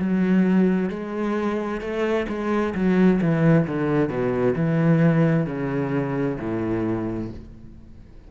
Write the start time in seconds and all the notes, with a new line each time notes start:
0.00 F#3
0.90 G#3
1.81 A3
2.29 G#3
2.75 F#3
3.21 E3
3.67 D3
4.09 B2
4.56 E3
5.47 C#3
6.40 A2